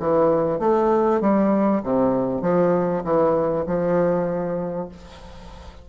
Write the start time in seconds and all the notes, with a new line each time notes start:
0.00 E3
0.60 A3
1.21 G3
1.83 C3
2.42 F3
3.04 E3
3.67 F3